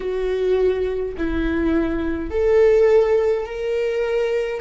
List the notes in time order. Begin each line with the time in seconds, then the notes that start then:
0.00 F#4
1.17 E4
2.30 A4
3.46 A#4